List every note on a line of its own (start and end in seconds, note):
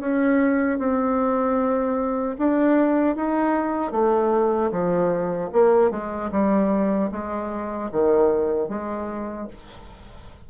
0.00 0.79 C#4
0.79 2.36 C4
2.38 3.16 D4
3.16 3.92 D#4
3.92 4.71 A3
4.71 5.50 F3
5.53 5.91 A#3
5.91 6.30 G#3
6.32 7.11 G3
7.12 7.91 G#3
7.92 8.69 D#3
8.69 9.48 G#3